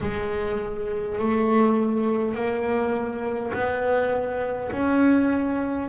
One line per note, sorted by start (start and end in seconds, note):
0.01 1.18 G#3
1.18 2.34 A3
2.34 3.52 A#3
3.53 4.71 B3
4.71 5.88 C#4